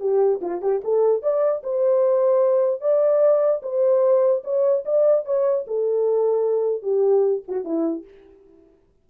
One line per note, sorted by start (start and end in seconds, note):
0.00 0.40 G4
0.41 0.62 F4
0.62 0.82 G4
0.84 1.22 A4
1.22 1.63 D5
1.63 2.81 C5
2.81 3.61 D5
3.62 4.43 C5
4.44 4.84 C#5
4.85 5.25 D5
5.25 5.66 C#5
5.67 6.83 A4
6.83 7.43 G4
7.48 7.64 F#4
7.64 8.05 E4